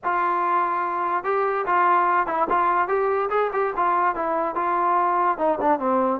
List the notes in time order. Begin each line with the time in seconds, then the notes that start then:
0.04 F4
1.24 G4
1.66 F4
2.26 E4
2.49 F4
2.87 G4
3.30 G#4
3.52 G4
3.76 F4
4.15 E4
4.55 F4
5.38 D#4
5.60 D4
5.79 C4